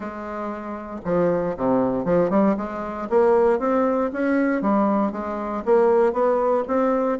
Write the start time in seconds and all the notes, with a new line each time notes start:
0.00 G#3
1.04 F3
1.56 C3
2.04 F3
2.30 G3
2.57 G#3
3.09 A#3
3.59 C4
4.12 C#4
4.61 G3
5.12 G#3
5.65 A#3
6.13 B3
6.67 C4